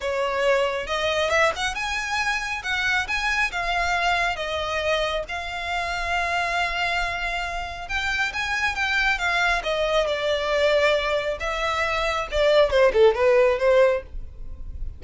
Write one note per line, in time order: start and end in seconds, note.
0.00 0.86 C#5
0.86 1.30 D#5
1.30 1.52 E5
1.55 1.74 F#5
1.74 2.62 G#5
2.63 3.07 F#5
3.07 3.51 G#5
3.51 4.36 F5
4.36 5.23 D#5
5.28 7.88 F5
7.88 8.32 G5
8.33 8.75 G#5
8.75 9.18 G5
9.18 9.62 F5
9.63 10.06 D#5
10.06 11.38 D5
11.40 12.27 E5
12.31 12.70 D5
12.70 12.92 C5
12.93 13.14 A4
13.14 13.58 B4
13.59 14.02 C5